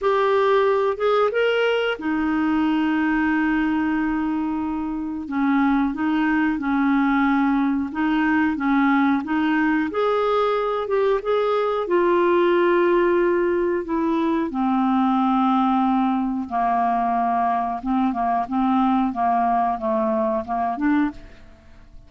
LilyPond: \new Staff \with { instrumentName = "clarinet" } { \time 4/4 \tempo 4 = 91 g'4. gis'8 ais'4 dis'4~ | dis'1 | cis'4 dis'4 cis'2 | dis'4 cis'4 dis'4 gis'4~ |
gis'8 g'8 gis'4 f'2~ | f'4 e'4 c'2~ | c'4 ais2 c'8 ais8 | c'4 ais4 a4 ais8 d'8 | }